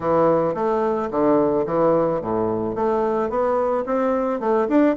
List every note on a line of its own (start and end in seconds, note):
0.00 0.54 E3
0.54 1.09 A3
1.10 1.65 D3
1.66 2.21 E3
2.21 2.75 A2
2.75 3.29 A3
3.29 3.84 B3
3.86 4.40 C4
4.40 4.67 A3
4.68 4.95 D4